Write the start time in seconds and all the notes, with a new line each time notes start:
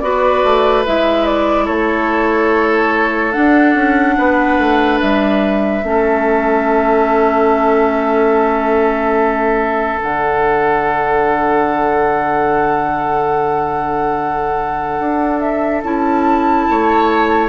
0.00 B3 F#4 B4 D5
0.44 A3
0.86 G#3 E4 E5
1.26 D5
1.65 A3 A4 C#5
3.32 D4 F#5
3.75 C#4
4.18 B3 B4
4.59 A3
5.01 G3 E5
5.83 A3 C#4 A4
10.00 D3 D4 F#5
15.00 D4
15.40 E5
15.84 C#4 E4 A5
16.70 A3 C#5